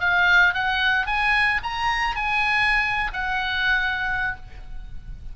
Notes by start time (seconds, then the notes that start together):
0.00 F5
0.54 F#5
1.06 G#5
1.63 A#5
2.15 G#5
3.13 F#5